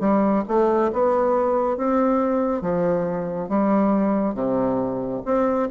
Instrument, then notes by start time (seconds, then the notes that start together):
bassoon
0.00 G3
0.48 A3
0.93 B3
1.77 C4
2.62 F3
3.49 G3
4.34 C3
5.25 C4